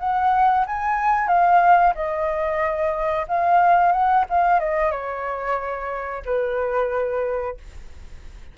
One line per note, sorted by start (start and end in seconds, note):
0.00 0.66 F#5
0.67 1.28 G#5
1.28 1.94 F5
1.95 3.27 D#5
3.28 3.92 F5
3.92 4.25 F#5
4.30 4.60 F5
4.60 4.91 D#5
4.91 6.23 C#5
6.25 7.57 B4